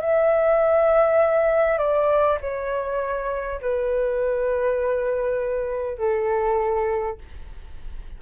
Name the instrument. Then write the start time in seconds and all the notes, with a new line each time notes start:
flute
0.00 E5
1.78 D5
2.40 C#5
3.61 B4
5.97 A4